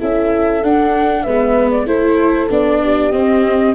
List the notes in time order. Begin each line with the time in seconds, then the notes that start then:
0.00 C#4 E4 A4 E5
0.63 D4 F#5
1.23 G#3 B3 B4 E5
1.71 D5
1.86 A3 E4 A4 C5
2.51 B3 D4 D5
2.83 G4
3.12 C4 D#5